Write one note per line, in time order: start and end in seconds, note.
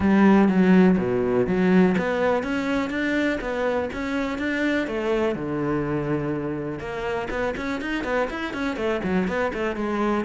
0.00 0.48 G3
0.48 0.97 F#3
0.98 1.46 B2
1.47 1.95 F#3
1.98 2.43 B3
2.43 2.90 C#4
2.90 3.38 D4
3.40 3.89 B3
3.93 4.38 C#4
4.38 4.87 D4
4.87 5.35 A3
5.35 6.79 D3
6.79 7.28 A#3
7.29 7.54 B3
7.56 7.81 C#4
7.81 8.04 D#4
8.04 8.28 B3
8.30 8.53 E4
8.53 8.76 C#4
8.76 9.00 A3
9.03 9.27 F#3
9.27 9.51 B3
9.53 9.76 A3
9.76 10.24 G#3